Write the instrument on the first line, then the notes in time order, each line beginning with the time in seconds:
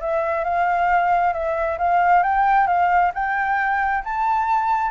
flute
0.00 E5
0.44 F5
1.33 E5
1.78 F5
2.23 G5
2.67 F5
3.14 G5
4.04 A5